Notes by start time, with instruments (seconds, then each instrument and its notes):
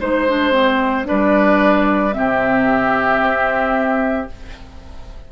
0.00 bassoon G#3, clarinet D#4, oboe C5, flute C5
0.28 clarinet D4
0.51 clarinet C4
1.05 clarinet D4, oboe B4, flute D5
1.11 bassoon G3
2.12 bassoon C3, clarinet C4, oboe G4, flute E5
3.20 bassoon C4